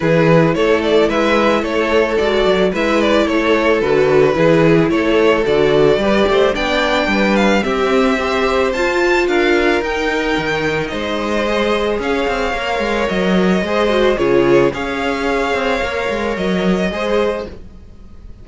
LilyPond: <<
  \new Staff \with { instrumentName = "violin" } { \time 4/4 \tempo 4 = 110 b'4 cis''8 d''8 e''4 cis''4 | d''4 e''8 d''8 cis''4 b'4~ | b'4 cis''4 d''2 | g''4. f''8 e''2 |
a''4 f''4 g''2 | dis''2 f''2 | dis''2 cis''4 f''4~ | f''2 dis''2 | }
  \new Staff \with { instrumentName = "violin" } { \time 4/4 gis'4 a'4 b'4 a'4~ | a'4 b'4 a'2 | gis'4 a'2 b'8 c''8 | d''4 b'4 g'4 c''4~ |
c''4 ais'2. | c''2 cis''2~ | cis''4 c''4 gis'4 cis''4~ | cis''2. c''4 | }
  \new Staff \with { instrumentName = "viola" } { \time 4/4 e'1 | fis'4 e'2 fis'4 | e'2 fis'4 g'4 | d'2 c'4 g'4 |
f'2 dis'2~ | dis'4 gis'2 ais'4~ | ais'4 gis'8 fis'8 f'4 gis'4~ | gis'4 ais'2 gis'4 | }
  \new Staff \with { instrumentName = "cello" } { \time 4/4 e4 a4 gis4 a4 | gis8 fis8 gis4 a4 d4 | e4 a4 d4 g8 a8 | b4 g4 c'2 |
f'4 d'4 dis'4 dis4 | gis2 cis'8 c'8 ais8 gis8 | fis4 gis4 cis4 cis'4~ | cis'8 c'8 ais8 gis8 fis4 gis4 | }
>>